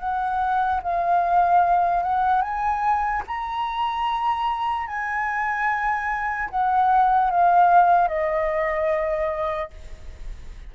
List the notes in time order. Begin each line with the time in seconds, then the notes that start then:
0.00 F#5
0.83 F5
2.03 F#5
2.42 G#5
3.27 A#5
4.87 G#5
6.50 F#5
7.30 F5
8.09 D#5